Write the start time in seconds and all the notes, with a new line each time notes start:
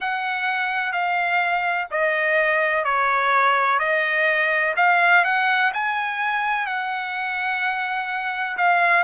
0.00 F#5
0.92 F5
1.90 D#5
2.84 C#5
3.79 D#5
4.76 F5
5.24 F#5
5.73 G#5
6.66 F#5
8.57 F5